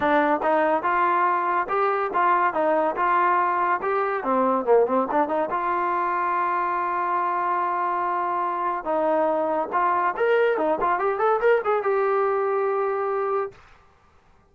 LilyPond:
\new Staff \with { instrumentName = "trombone" } { \time 4/4 \tempo 4 = 142 d'4 dis'4 f'2 | g'4 f'4 dis'4 f'4~ | f'4 g'4 c'4 ais8 c'8 | d'8 dis'8 f'2.~ |
f'1~ | f'4 dis'2 f'4 | ais'4 dis'8 f'8 g'8 a'8 ais'8 gis'8 | g'1 | }